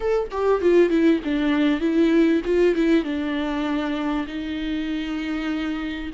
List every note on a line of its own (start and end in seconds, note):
0.00 0.29 A4
0.31 0.61 G4
0.61 0.89 F4
0.89 1.20 E4
1.24 1.80 D4
1.80 2.41 E4
2.44 2.75 F4
2.75 3.03 E4
3.03 4.26 D4
4.27 6.10 D#4